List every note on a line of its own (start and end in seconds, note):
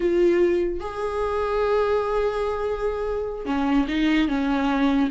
0.00 0.80 F4
0.80 3.45 G#4
3.45 3.86 C#4
3.88 4.28 D#4
4.28 5.09 C#4